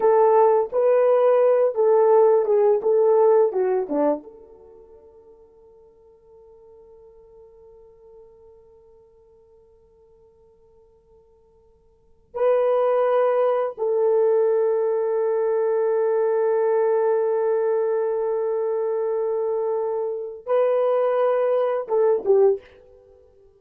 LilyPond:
\new Staff \with { instrumentName = "horn" } { \time 4/4 \tempo 4 = 85 a'4 b'4. a'4 gis'8 | a'4 fis'8 d'8 a'2~ | a'1~ | a'1~ |
a'4. b'2 a'8~ | a'1~ | a'1~ | a'4 b'2 a'8 g'8 | }